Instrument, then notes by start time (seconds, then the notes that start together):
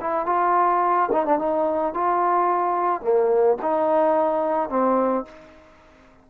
trombone
0.00 E4
0.26 F4
1.12 D#4
1.25 D4
1.38 D#4
1.93 F4
3.01 A#3
3.62 D#4
4.69 C4